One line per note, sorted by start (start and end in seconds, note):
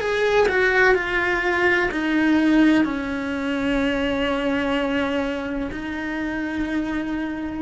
0.00 0.48 G#4
0.48 0.95 F#4
0.95 1.90 F4
1.91 2.84 D#4
2.84 5.70 C#4
5.72 7.62 D#4